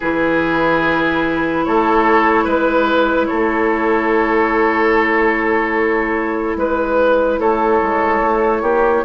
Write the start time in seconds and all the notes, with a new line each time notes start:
0.00 E3 E4 G#4 B4
1.65 A3 A4 C#5
2.44 G#3 B4
3.26 A3 A4 C#5
6.56 G#3 B4
7.38 A3 A4 C#5
7.82 G#3
8.21 A3
8.62 A#3 G4